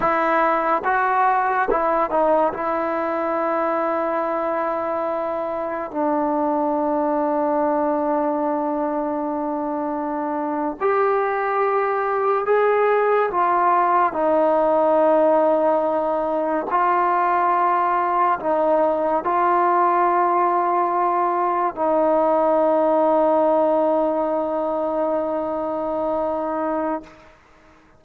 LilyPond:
\new Staff \with { instrumentName = "trombone" } { \time 4/4 \tempo 4 = 71 e'4 fis'4 e'8 dis'8 e'4~ | e'2. d'4~ | d'1~ | d'8. g'2 gis'4 f'16~ |
f'8. dis'2. f'16~ | f'4.~ f'16 dis'4 f'4~ f'16~ | f'4.~ f'16 dis'2~ dis'16~ | dis'1 | }